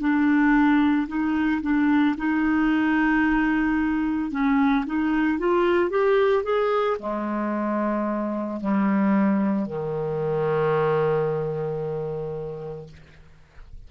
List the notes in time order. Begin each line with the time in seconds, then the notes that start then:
0.00 D4
1.08 D#4
1.62 D4
2.17 D#4
4.31 C#4
4.86 D#4
5.39 F4
5.90 G4
6.44 G#4
6.99 G#3
8.61 G3
9.67 D#3